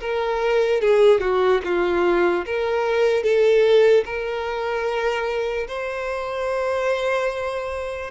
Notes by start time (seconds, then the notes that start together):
0.00 A#4
0.81 G#4
1.20 F#4
1.64 F4
2.45 A#4
3.23 A4
4.05 A#4
5.67 C5